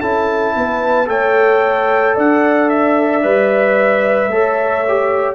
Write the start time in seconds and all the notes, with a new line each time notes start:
0.00 C#4 E4 A4 A5
0.55 B3 B4
1.06 A3 A4 C#5 G5
2.15 D4 D5 F#5
2.69 E5
3.23 G3 B4
4.28 A3 A4 C#5
4.88 G4